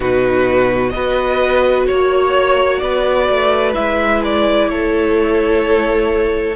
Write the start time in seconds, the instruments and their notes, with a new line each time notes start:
0.00 cello B2, viola D#4, violin F#4 B4
0.90 cello B3, viola F#4, violin B4 D#5
1.86 cello A#3, violin C#5
2.78 cello B3, violin B4 D5
3.29 cello A3
3.74 cello G#3, viola E4, violin E5
4.24 violin D5
4.68 cello A3, violin A4 C#5